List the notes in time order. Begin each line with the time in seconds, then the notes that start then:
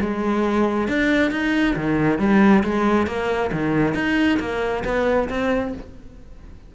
0.00 G#3
0.87 D4
1.31 D#4
1.75 D#3
2.19 G3
2.63 G#3
3.06 A#3
3.52 D#3
3.94 D#4
4.39 A#3
4.84 B3
5.29 C4